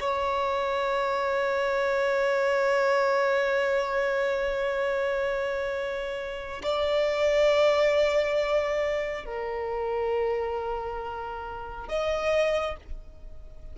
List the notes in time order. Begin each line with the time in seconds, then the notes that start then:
0.00 C#5
6.63 D5
9.25 A#4
11.88 D#5